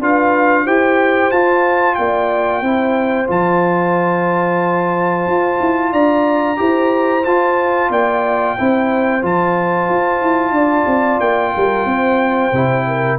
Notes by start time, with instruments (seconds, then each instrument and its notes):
0.00 tuba D4, trombone F4, horn B4, trumpet F5
0.64 tuba E4, trombone G4, horn C5, trumpet G5
1.32 tuba F4, trombone F4, trumpet A5
1.95 tuba A#3, horn D5, trumpet G5
2.62 tuba C4, trombone E4, horn C5
3.27 tuba F3, trombone F4, trumpet A5
5.27 tuba F4
5.60 tuba E4
5.92 tuba D4, horn D5, trumpet A#5
6.56 tuba E4, trombone G4, horn C5
7.25 tuba F4, trombone F4, trumpet A5
7.90 tuba A#3, horn D5, trumpet G5
8.58 tuba C4, trombone E4, horn C5
9.22 tuba F3, trombone F4, trumpet A5
9.89 tuba F4
10.22 tuba E4
10.51 tuba D4, horn D5
10.86 tuba C4
11.20 tuba A#3, trumpet G5
11.54 tuba G3, horn A#4
11.86 tuba C4, horn C5
12.53 tuba C3, trombone E4
12.87 horn A#4